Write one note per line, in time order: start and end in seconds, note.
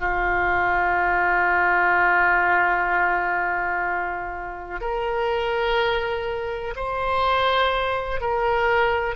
0.00 4.81 F4
4.81 6.74 A#4
6.76 8.21 C5
8.21 9.16 A#4